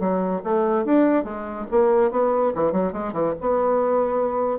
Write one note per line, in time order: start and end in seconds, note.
0.00 0.42 F#3
0.44 0.85 A3
0.85 1.25 D4
1.25 1.66 G#3
1.71 2.11 A#3
2.11 2.53 B3
2.55 2.72 E3
2.72 2.93 F#3
2.93 3.13 G#3
3.13 3.34 E3
3.41 4.59 B3